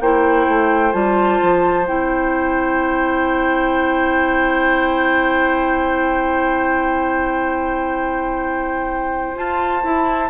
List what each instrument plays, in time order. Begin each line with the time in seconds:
0.00 bassoon A#3, clarinet E4, oboe C5, flute G5
0.48 bassoon A3
0.92 bassoon G3, clarinet F4, flute A5
1.42 bassoon F3
1.86 bassoon C4, clarinet E4, flute G5
9.36 clarinet F4, bassoon F4, flute A5
9.84 clarinet E4, bassoon E4